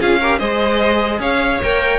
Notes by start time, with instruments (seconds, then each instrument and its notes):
0.00 cello C#4, viola F4, violin G#4 F5
0.21 viola G4, violin A#4
0.39 cello G#3, viola G#4, violin C5 D#5
1.20 cello C#4, violin C#5 F5
1.63 cello A#3, viola A#4, violin G5